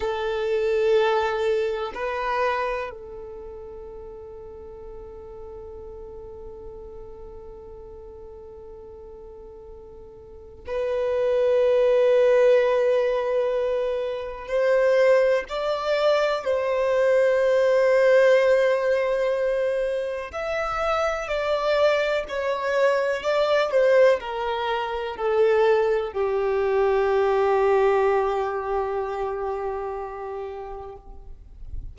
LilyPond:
\new Staff \with { instrumentName = "violin" } { \time 4/4 \tempo 4 = 62 a'2 b'4 a'4~ | a'1~ | a'2. b'4~ | b'2. c''4 |
d''4 c''2.~ | c''4 e''4 d''4 cis''4 | d''8 c''8 ais'4 a'4 g'4~ | g'1 | }